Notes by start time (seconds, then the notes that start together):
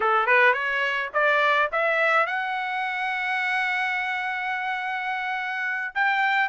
0.00 A4
0.26 B4
0.53 C#5
1.13 D5
1.72 E5
2.26 F#5
5.95 G5